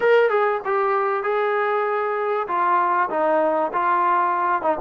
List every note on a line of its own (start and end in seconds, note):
0.00 0.29 A#4
0.30 0.60 G#4
0.64 1.23 G4
1.23 2.47 G#4
2.47 3.09 F4
3.10 3.71 D#4
3.72 4.61 F4
4.61 4.77 D#4